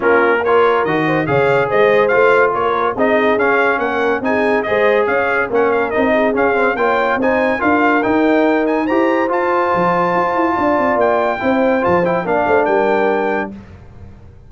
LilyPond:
<<
  \new Staff \with { instrumentName = "trumpet" } { \time 4/4 \tempo 4 = 142 ais'4 cis''4 dis''4 f''4 | dis''4 f''4 cis''4 dis''4 | f''4 fis''4 gis''4 dis''4 | f''4 fis''8 f''8 dis''4 f''4 |
g''4 gis''4 f''4 g''4~ | g''8 gis''8 ais''4 a''2~ | a''2 g''2 | a''8 g''8 f''4 g''2 | }
  \new Staff \with { instrumentName = "horn" } { \time 4/4 f'4 ais'4. c''8 cis''4 | c''2 ais'4 gis'4~ | gis'4 ais'4 gis'4 c''4 | cis''4 ais'4. gis'4. |
cis''4 c''4 ais'2~ | ais'4 c''2.~ | c''4 d''2 c''4~ | c''4 d''8 c''8 ais'2 | }
  \new Staff \with { instrumentName = "trombone" } { \time 4/4 cis'4 f'4 fis'4 gis'4~ | gis'4 f'2 dis'4 | cis'2 dis'4 gis'4~ | gis'4 cis'4 dis'4 cis'8 c'8 |
f'4 dis'4 f'4 dis'4~ | dis'4 g'4 f'2~ | f'2. e'4 | f'8 e'8 d'2. | }
  \new Staff \with { instrumentName = "tuba" } { \time 4/4 ais2 dis4 cis4 | gis4 a4 ais4 c'4 | cis'4 ais4 c'4 gis4 | cis'4 ais4 c'4 cis'4 |
ais4 c'4 d'4 dis'4~ | dis'4 e'4 f'4 f4 | f'8 e'8 d'8 c'8 ais4 c'4 | f4 ais8 a8 g2 | }
>>